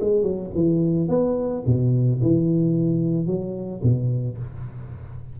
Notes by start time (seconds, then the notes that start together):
0.00 G#3
0.22 F#3
0.55 E3
1.08 B3
1.66 B2
2.22 E3
3.26 F#3
3.83 B2